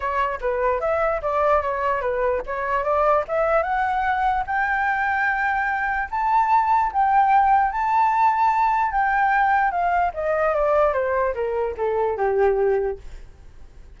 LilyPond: \new Staff \with { instrumentName = "flute" } { \time 4/4 \tempo 4 = 148 cis''4 b'4 e''4 d''4 | cis''4 b'4 cis''4 d''4 | e''4 fis''2 g''4~ | g''2. a''4~ |
a''4 g''2 a''4~ | a''2 g''2 | f''4 dis''4 d''4 c''4 | ais'4 a'4 g'2 | }